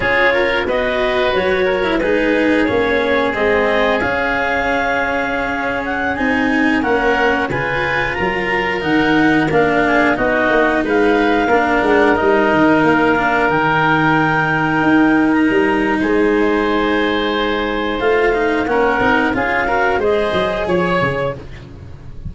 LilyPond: <<
  \new Staff \with { instrumentName = "clarinet" } { \time 4/4 \tempo 4 = 90 cis''4 dis''4 cis''4 b'4 | cis''4 dis''4 f''2~ | f''8. fis''8 gis''4 fis''4 gis''8.~ | gis''16 ais''4 fis''4 f''4 dis''8.~ |
dis''16 f''4. fis''8 dis''4 f''8.~ | f''16 g''2~ g''8. ais''4 | gis''2. f''4 | fis''4 f''4 dis''4 cis''4 | }
  \new Staff \with { instrumentName = "oboe" } { \time 4/4 gis'8 ais'8 b'4. ais'8 gis'4~ | gis'1~ | gis'2~ gis'16 ais'4 b'8.~ | b'16 ais'2~ ais'8 gis'8 fis'8.~ |
fis'16 b'4 ais'2~ ais'8.~ | ais'1 | c''1 | ais'4 gis'8 ais'8 c''4 cis''4 | }
  \new Staff \with { instrumentName = "cello" } { \time 4/4 f'4 fis'4.~ fis'16 e'16 dis'4 | cis'4 c'4 cis'2~ | cis'4~ cis'16 dis'4 cis'4 f'8.~ | f'4~ f'16 dis'4 d'4 dis'8.~ |
dis'4~ dis'16 d'4 dis'4. d'16~ | d'16 dis'2.~ dis'8.~ | dis'2. f'8 dis'8 | cis'8 dis'8 f'8 fis'8 gis'2 | }
  \new Staff \with { instrumentName = "tuba" } { \time 4/4 cis'4 b4 fis4 gis4 | ais4 gis4 cis'2~ | cis'4~ cis'16 c'4 ais4 cis8.~ | cis16 fis4 dis4 ais4 b8 ais16~ |
ais16 gis4 ais8 gis8 g8 dis8 ais8.~ | ais16 dis2 dis'4 g8. | gis2. a4 | ais8 c'8 cis'4 gis8 fis8 f8 cis8 | }
>>